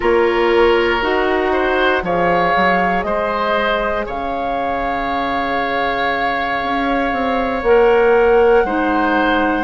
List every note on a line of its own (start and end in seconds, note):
0.00 1.02 A#3
0.00 1.00 F4
0.00 1.52 A#4
0.00 1.03 C#5
1.01 2.03 D#4
1.01 2.01 F#4
1.01 2.04 F#5
1.52 2.03 C5
2.01 2.53 F3
2.01 7.61 G#4
2.01 3.05 C#5
2.01 3.02 F5
2.56 3.04 F#3
3.02 4.05 G#3
3.02 4.06 C5
3.02 4.04 D#5
4.06 6.62 C#3
4.06 8.63 C#5
4.06 7.63 F5
6.62 7.12 C#4
7.12 7.62 C4
7.62 8.64 A#3
7.62 8.67 A#4
7.62 9.63 F#5
8.64 9.63 G#3
8.64 9.63 D#4
8.64 9.63 C5